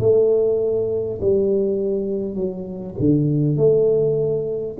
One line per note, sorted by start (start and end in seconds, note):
0.00 1.20 A3
1.22 2.36 G3
2.36 2.96 F#3
2.99 3.57 D3
3.57 4.77 A3